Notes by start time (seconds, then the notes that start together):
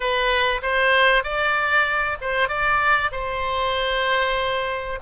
0.00 B4
0.62 C5
1.23 D5
2.21 C5
2.48 D5
3.11 C5